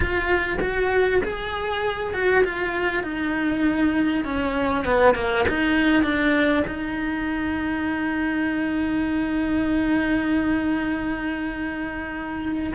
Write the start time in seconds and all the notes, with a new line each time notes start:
0.00 F4
0.61 F#4
1.23 G#4
2.13 F#4
2.44 F4
3.03 D#4
4.24 C#4
4.85 B3
5.15 A#3
5.48 D#4
6.03 D4
6.67 D#4